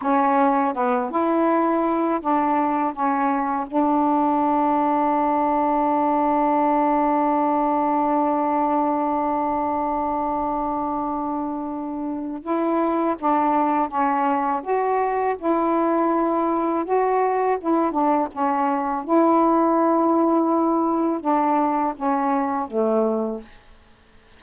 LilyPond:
\new Staff \with { instrumentName = "saxophone" } { \time 4/4 \tempo 4 = 82 cis'4 b8 e'4. d'4 | cis'4 d'2.~ | d'1~ | d'1~ |
d'4 e'4 d'4 cis'4 | fis'4 e'2 fis'4 | e'8 d'8 cis'4 e'2~ | e'4 d'4 cis'4 a4 | }